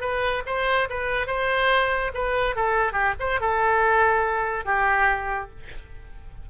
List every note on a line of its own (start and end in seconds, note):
0.00 0.42 B4
0.46 0.88 C5
0.89 1.27 B4
1.27 2.11 C5
2.14 2.55 B4
2.55 2.92 A4
2.92 3.13 G4
3.19 3.40 C5
3.40 4.65 A4
4.65 5.49 G4